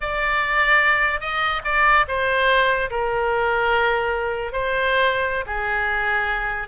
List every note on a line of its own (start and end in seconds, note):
0.01 1.20 D5
1.20 1.61 D#5
1.64 2.05 D5
2.08 2.90 C5
2.90 4.52 A#4
4.52 5.44 C5
5.46 6.68 G#4